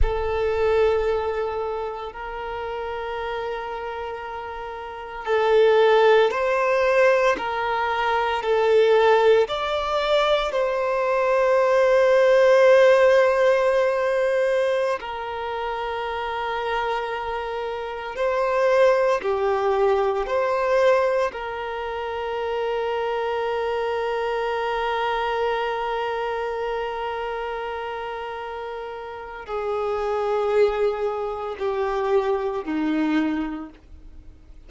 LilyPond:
\new Staff \with { instrumentName = "violin" } { \time 4/4 \tempo 4 = 57 a'2 ais'2~ | ais'4 a'4 c''4 ais'4 | a'4 d''4 c''2~ | c''2~ c''16 ais'4.~ ais'16~ |
ais'4~ ais'16 c''4 g'4 c''8.~ | c''16 ais'2.~ ais'8.~ | ais'1 | gis'2 g'4 dis'4 | }